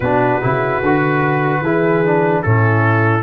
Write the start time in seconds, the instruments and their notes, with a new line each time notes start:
0.00 tuba B2, trombone D4, horn F#4, trumpet B4
0.42 tuba C#3, trombone E4
0.82 tuba D3, trombone F#4
1.61 tuba E3, trombone E4, horn G#4
2.04 trombone D4
2.42 tuba A2, trombone C#4, horn E4, trumpet A4